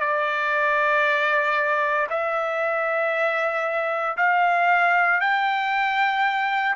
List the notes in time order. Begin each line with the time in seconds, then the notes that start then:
0.00 D5
2.10 E5
4.17 F5
5.21 G5